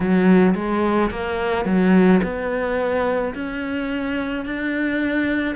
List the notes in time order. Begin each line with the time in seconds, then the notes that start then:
0.00 F#3
0.55 G#3
1.11 A#3
1.65 F#3
2.23 B3
3.34 C#4
4.45 D4